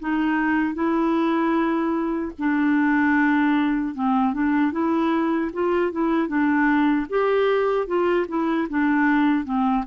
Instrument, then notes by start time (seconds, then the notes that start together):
clarinet
0.00 D#4
0.74 E4
2.39 D4
3.95 C4
4.33 D4
4.72 E4
5.53 F4
5.92 E4
6.28 D4
7.09 G4
7.87 F4
8.28 E4
8.69 D4
9.44 C4